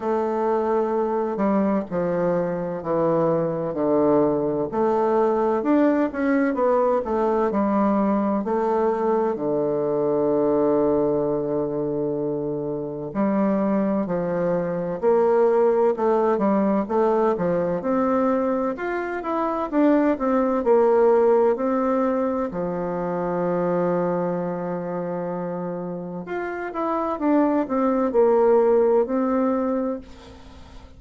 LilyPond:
\new Staff \with { instrumentName = "bassoon" } { \time 4/4 \tempo 4 = 64 a4. g8 f4 e4 | d4 a4 d'8 cis'8 b8 a8 | g4 a4 d2~ | d2 g4 f4 |
ais4 a8 g8 a8 f8 c'4 | f'8 e'8 d'8 c'8 ais4 c'4 | f1 | f'8 e'8 d'8 c'8 ais4 c'4 | }